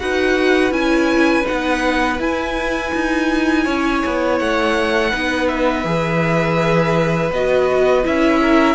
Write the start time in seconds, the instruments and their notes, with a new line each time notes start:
0.00 cello D#4, viola F#4, violin B4 F#5
0.71 cello C#4, viola E4, violin G#5
1.44 viola D#4, violin F#5
1.52 cello B3
2.20 cello E4, viola E4, violin G#5
2.95 cello D#4
3.65 cello C#4, violin C#5
4.07 cello B3
4.39 cello A3, violin F#5
5.11 cello B3, viola D#4, violin B4
5.48 violin E5
5.85 cello E3, viola G#4
7.31 cello B3, viola F#4, violin D#5
8.04 cello C#4, viola E4, violin E5
8.42 violin A#4